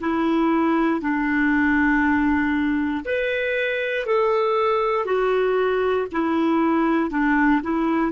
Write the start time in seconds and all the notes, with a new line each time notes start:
0.00 E4
1.01 D4
3.05 B4
4.06 A4
5.05 F#4
6.12 E4
7.10 D4
7.63 E4